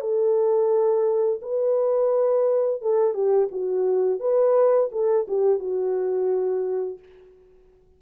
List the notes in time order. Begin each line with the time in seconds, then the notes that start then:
0.00 A4
1.41 B4
2.81 A4
3.14 G4
3.51 F#4
4.20 B4
4.92 A4
5.27 G4
5.59 F#4